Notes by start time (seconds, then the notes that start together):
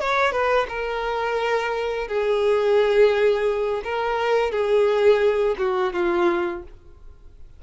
0.00 C#5
0.32 B4
0.68 A#4
2.08 G#4
3.84 A#4
4.51 G#4
5.58 F#4
5.93 F4